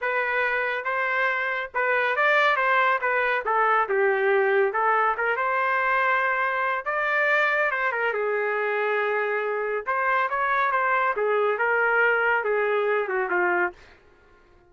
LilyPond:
\new Staff \with { instrumentName = "trumpet" } { \time 4/4 \tempo 4 = 140 b'2 c''2 | b'4 d''4 c''4 b'4 | a'4 g'2 a'4 | ais'8 c''2.~ c''8 |
d''2 c''8 ais'8 gis'4~ | gis'2. c''4 | cis''4 c''4 gis'4 ais'4~ | ais'4 gis'4. fis'8 f'4 | }